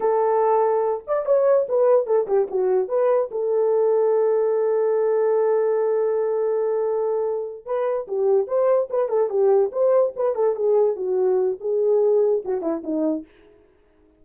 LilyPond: \new Staff \with { instrumentName = "horn" } { \time 4/4 \tempo 4 = 145 a'2~ a'8 d''8 cis''4 | b'4 a'8 g'8 fis'4 b'4 | a'1~ | a'1~ |
a'2~ a'8 b'4 g'8~ | g'8 c''4 b'8 a'8 g'4 c''8~ | c''8 b'8 a'8 gis'4 fis'4. | gis'2 fis'8 e'8 dis'4 | }